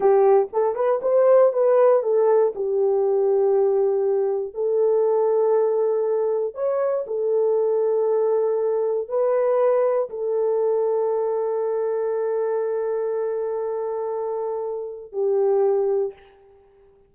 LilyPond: \new Staff \with { instrumentName = "horn" } { \time 4/4 \tempo 4 = 119 g'4 a'8 b'8 c''4 b'4 | a'4 g'2.~ | g'4 a'2.~ | a'4 cis''4 a'2~ |
a'2 b'2 | a'1~ | a'1~ | a'2 g'2 | }